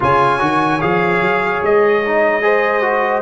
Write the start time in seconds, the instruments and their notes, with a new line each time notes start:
0.00 tuba C#3, trombone F4, horn C#5, trumpet G#5
0.39 tuba D#3, trombone F#4
0.81 tuba F3, trombone G#4, trumpet F5
1.21 tuba F#3
1.62 tuba G#3, trumpet D#5
2.06 trombone D#4
2.41 trombone G#4, horn C5
2.81 trombone F#4